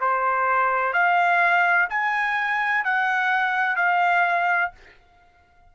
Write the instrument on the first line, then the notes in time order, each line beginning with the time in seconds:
trumpet
0.00 C5
0.93 F5
1.89 G#5
2.84 F#5
3.76 F5